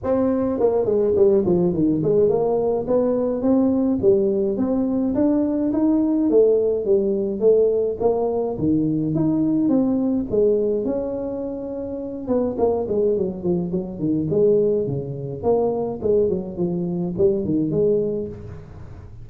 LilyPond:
\new Staff \with { instrumentName = "tuba" } { \time 4/4 \tempo 4 = 105 c'4 ais8 gis8 g8 f8 dis8 gis8 | ais4 b4 c'4 g4 | c'4 d'4 dis'4 a4 | g4 a4 ais4 dis4 |
dis'4 c'4 gis4 cis'4~ | cis'4. b8 ais8 gis8 fis8 f8 | fis8 dis8 gis4 cis4 ais4 | gis8 fis8 f4 g8 dis8 gis4 | }